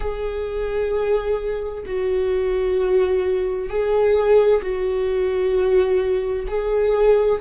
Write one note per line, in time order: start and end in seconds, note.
0.00 1.83 G#4
1.85 3.69 F#4
3.69 4.61 G#4
4.62 6.46 F#4
6.47 7.39 G#4